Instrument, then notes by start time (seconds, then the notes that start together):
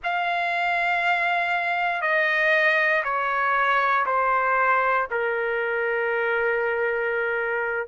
trumpet
0.03 F5
2.01 D#5
3.04 C#5
4.05 C5
5.11 A#4